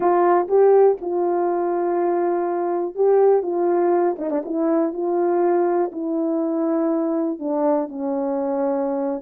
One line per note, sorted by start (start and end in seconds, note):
0.00 0.47 F4
0.48 0.97 G4
1.01 2.95 F4
2.95 3.42 G4
3.42 4.16 F4
4.18 4.30 D#4
4.30 4.42 D4
4.45 4.93 E4
4.93 5.91 F4
5.92 7.39 E4
7.39 7.88 D4
7.88 9.21 C#4